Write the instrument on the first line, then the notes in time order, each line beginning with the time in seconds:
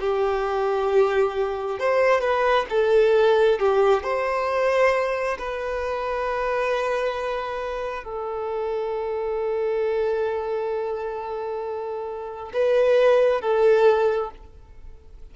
violin
0.00 G4
1.79 C5
2.21 B4
2.69 A4
3.59 G4
4.03 C5
5.38 B4
8.04 A4
12.53 B4
13.41 A4